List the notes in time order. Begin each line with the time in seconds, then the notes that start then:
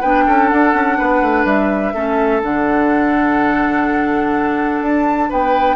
0.00 B3 D4 B4 G5
0.27 C#4 A4
0.49 D4 F#5
0.73 C#4
0.98 B3 B4
1.22 A3
1.45 G3 E5
1.94 A3 C#4 A4
2.43 D3 D4 F#5
4.81 D4 A5
5.29 B3 B4 G5